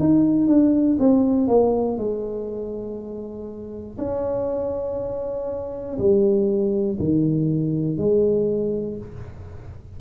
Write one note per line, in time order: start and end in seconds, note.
0.00 0.48 D#4
0.48 0.98 D4
0.99 1.48 C4
1.48 1.98 A#3
1.98 3.98 G#3
3.99 5.99 C#4
5.99 6.99 G3
7.00 7.98 D#3
7.98 8.98 G#3